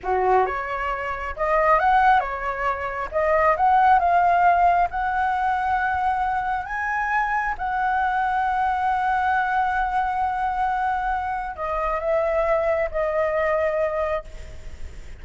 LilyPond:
\new Staff \with { instrumentName = "flute" } { \time 4/4 \tempo 4 = 135 fis'4 cis''2 dis''4 | fis''4 cis''2 dis''4 | fis''4 f''2 fis''4~ | fis''2. gis''4~ |
gis''4 fis''2.~ | fis''1~ | fis''2 dis''4 e''4~ | e''4 dis''2. | }